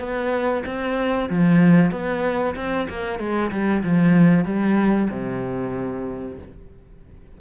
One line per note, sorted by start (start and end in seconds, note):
0.00 0.64 B3
0.66 1.30 C4
1.30 1.92 F3
1.92 2.56 B3
2.56 2.88 C4
2.90 3.19 A#3
3.19 3.51 G#3
3.52 3.84 G3
3.84 4.45 F3
4.45 5.09 G3
5.11 6.39 C3